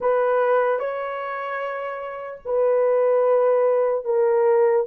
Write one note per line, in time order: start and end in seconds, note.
0.00 0.79 B4
0.79 2.41 C#5
2.45 4.04 B4
4.04 4.85 A#4